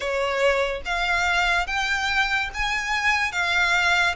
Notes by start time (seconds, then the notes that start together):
0.00 C#5
0.85 F5
1.66 G5
2.54 G#5
3.31 F5